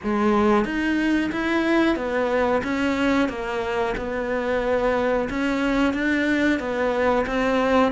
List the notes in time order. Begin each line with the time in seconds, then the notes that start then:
0.03 G#3
0.64 D#4
1.32 E4
1.95 B3
2.63 C#4
3.28 A#3
3.97 B3
5.29 C#4
5.93 D4
6.59 B3
7.26 C4